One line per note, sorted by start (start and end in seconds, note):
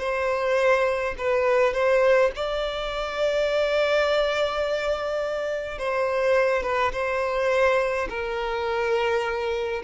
0.00 1.15 C5
1.19 1.74 B4
1.74 2.32 C5
2.36 5.79 D5
5.79 6.63 C5
6.63 6.92 B4
6.93 8.08 C5
8.10 9.83 A#4